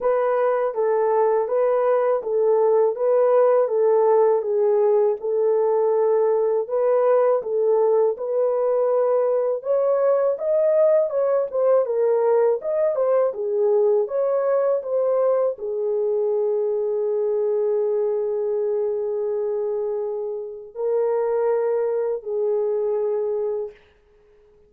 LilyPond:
\new Staff \with { instrumentName = "horn" } { \time 4/4 \tempo 4 = 81 b'4 a'4 b'4 a'4 | b'4 a'4 gis'4 a'4~ | a'4 b'4 a'4 b'4~ | b'4 cis''4 dis''4 cis''8 c''8 |
ais'4 dis''8 c''8 gis'4 cis''4 | c''4 gis'2.~ | gis'1 | ais'2 gis'2 | }